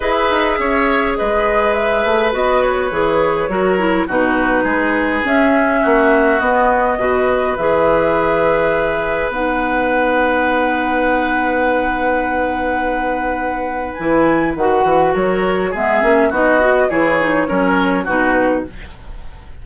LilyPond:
<<
  \new Staff \with { instrumentName = "flute" } { \time 4/4 \tempo 4 = 103 e''2 dis''4 e''4 | dis''8 cis''2~ cis''8 b'4~ | b'4 e''2 dis''4~ | dis''4 e''2. |
fis''1~ | fis''1 | gis''4 fis''4 cis''4 e''4 | dis''4 cis''2 b'4 | }
  \new Staff \with { instrumentName = "oboe" } { \time 4/4 b'4 cis''4 b'2~ | b'2 ais'4 fis'4 | gis'2 fis'2 | b'1~ |
b'1~ | b'1~ | b'2 ais'4 gis'4 | fis'4 gis'4 ais'4 fis'4 | }
  \new Staff \with { instrumentName = "clarinet" } { \time 4/4 gis'1 | fis'4 gis'4 fis'8 e'8 dis'4~ | dis'4 cis'2 b4 | fis'4 gis'2. |
dis'1~ | dis'1 | e'4 fis'2 b8 cis'8 | dis'8 fis'8 e'8 dis'8 cis'4 dis'4 | }
  \new Staff \with { instrumentName = "bassoon" } { \time 4/4 e'8 dis'8 cis'4 gis4. a8 | b4 e4 fis4 b,4 | gis4 cis'4 ais4 b4 | b,4 e2. |
b1~ | b1 | e4 dis8 e8 fis4 gis8 ais8 | b4 e4 fis4 b,4 | }
>>